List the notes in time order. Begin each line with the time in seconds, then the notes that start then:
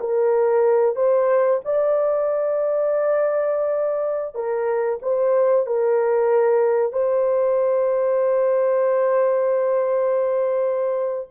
0.00 A#4
0.96 C5
1.65 D5
4.35 A#4
5.02 C5
5.67 A#4
6.92 C5